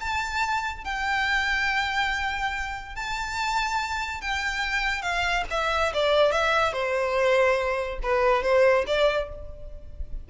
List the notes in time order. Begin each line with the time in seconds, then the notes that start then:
0.00 A5
0.85 G5
2.96 A5
4.21 G5
5.02 F5
5.51 E5
5.94 D5
6.32 E5
6.73 C5
8.03 B4
8.43 C5
8.87 D5